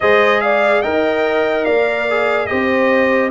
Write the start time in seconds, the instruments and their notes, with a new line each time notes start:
0.00 tuba G#3, trombone G#4, horn C5, trumpet D#5
0.40 horn D5, trumpet F5
0.81 tuba D#4, trombone A#4, horn D#5, trumpet G5
1.65 tuba A#3, horn D5, trumpet F5
2.10 trombone G#4
2.46 tuba C4, trombone G4, horn C5, trumpet D#5